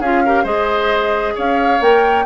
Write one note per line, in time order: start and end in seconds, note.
0.00 0.44 C#4
0.00 0.26 F4
0.00 0.23 G#4
0.00 0.45 F5
0.26 0.45 G4
0.26 0.43 A#4
0.43 1.35 G#3
0.43 1.80 G#4
0.43 1.34 C5
0.43 1.36 D#5
1.35 1.80 C#4
1.35 2.25 C#5
1.35 1.82 F5
1.80 2.25 A#3
1.80 2.26 A#4
1.80 2.26 G5